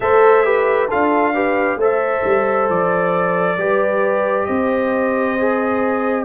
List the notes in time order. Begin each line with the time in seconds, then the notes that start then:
0.00 A3 A4 C5 E5
0.44 G4 B4
0.87 D4 F4 A4 F5
1.33 G4 B4
1.76 A3 A4 C5
1.83 E5
2.24 G3
2.69 F3 D5
3.57 G3 G4 B4
4.45 C4 C5 D#5
5.38 G#4